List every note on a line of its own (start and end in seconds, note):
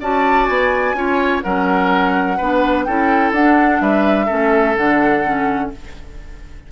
0.00 0.48 C#4
0.00 0.96 F#4
0.00 0.95 D5
0.00 0.46 A5
0.46 0.94 B3
0.46 1.41 G#5
0.94 1.41 C#4
0.94 1.42 F4
0.94 1.44 C#5
1.42 2.40 F#3
1.42 2.38 C#4
1.42 2.37 A#4
1.42 2.84 F#5
2.37 2.87 B3
2.37 2.87 D4
2.37 2.85 B4
2.84 3.32 C#4
2.84 3.35 E4
2.84 3.82 A4
2.84 3.31 G5
3.32 3.79 D4
3.32 4.28 D4
3.32 3.81 F#5
3.80 4.28 G3
3.80 4.26 B4
3.80 4.76 E5
4.26 4.76 A3
4.26 4.76 C#4
4.26 5.69 A4
4.76 5.72 D3
4.76 5.24 D4
4.76 5.71 F#5
5.24 5.72 C#4